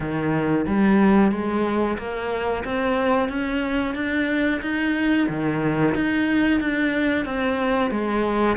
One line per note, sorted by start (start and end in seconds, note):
0.00 0.66 D#3
0.66 1.31 G3
1.31 1.97 G#3
1.98 2.64 A#3
2.64 3.28 C4
3.28 3.94 C#4
3.94 4.60 D4
4.61 5.27 D#4
5.28 5.94 D#3
5.95 6.60 D#4
6.60 7.25 D4
7.25 7.91 C4
7.91 8.57 G#3